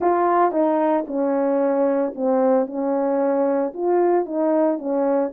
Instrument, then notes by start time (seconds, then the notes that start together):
horn
0.00 F4
0.51 D#4
1.07 C#4
2.15 C4
2.67 C#4
3.73 F4
4.25 D#4
4.78 C#4